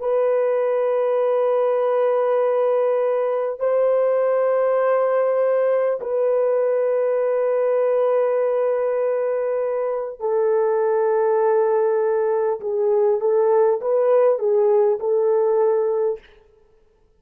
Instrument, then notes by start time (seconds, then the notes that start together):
horn
0.00 B4
3.59 C5
6.01 B4
10.21 A4
12.61 G#4
13.21 A4
13.81 B4
14.39 G#4
15.00 A4